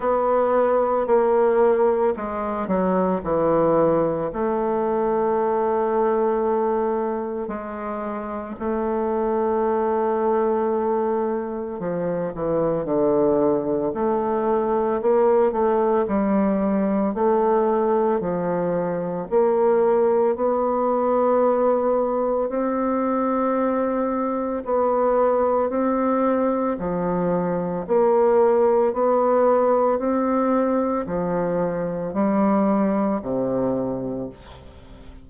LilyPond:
\new Staff \with { instrumentName = "bassoon" } { \time 4/4 \tempo 4 = 56 b4 ais4 gis8 fis8 e4 | a2. gis4 | a2. f8 e8 | d4 a4 ais8 a8 g4 |
a4 f4 ais4 b4~ | b4 c'2 b4 | c'4 f4 ais4 b4 | c'4 f4 g4 c4 | }